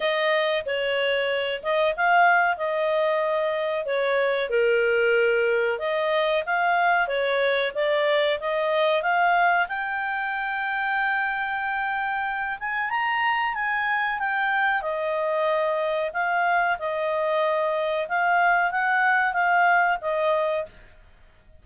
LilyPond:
\new Staff \with { instrumentName = "clarinet" } { \time 4/4 \tempo 4 = 93 dis''4 cis''4. dis''8 f''4 | dis''2 cis''4 ais'4~ | ais'4 dis''4 f''4 cis''4 | d''4 dis''4 f''4 g''4~ |
g''2.~ g''8 gis''8 | ais''4 gis''4 g''4 dis''4~ | dis''4 f''4 dis''2 | f''4 fis''4 f''4 dis''4 | }